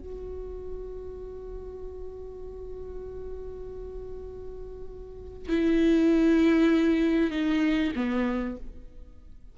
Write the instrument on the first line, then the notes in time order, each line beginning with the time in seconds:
viola
0.00 F#4
5.49 E4
7.31 D#4
7.96 B3